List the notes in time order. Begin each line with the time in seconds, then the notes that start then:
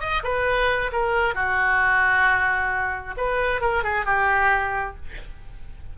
0.00 D#5
0.23 B4
0.92 A#4
1.34 F#4
3.17 B4
3.61 A#4
3.83 G#4
4.05 G4